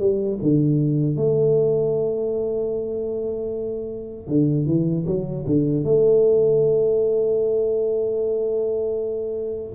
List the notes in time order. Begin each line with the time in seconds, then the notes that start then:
0.00 G3
0.43 D3
1.17 A3
4.28 D3
4.66 E3
5.06 F#3
5.47 D3
5.84 A3